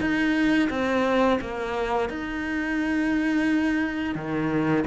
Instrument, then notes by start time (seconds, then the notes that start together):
cello
0.00 D#4
0.70 C4
1.41 A#3
2.09 D#4
4.15 D#3